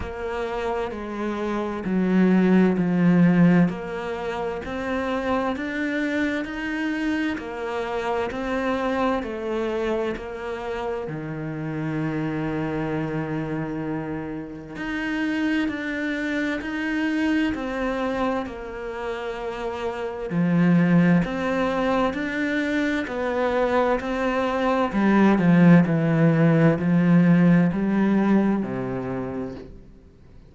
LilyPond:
\new Staff \with { instrumentName = "cello" } { \time 4/4 \tempo 4 = 65 ais4 gis4 fis4 f4 | ais4 c'4 d'4 dis'4 | ais4 c'4 a4 ais4 | dis1 |
dis'4 d'4 dis'4 c'4 | ais2 f4 c'4 | d'4 b4 c'4 g8 f8 | e4 f4 g4 c4 | }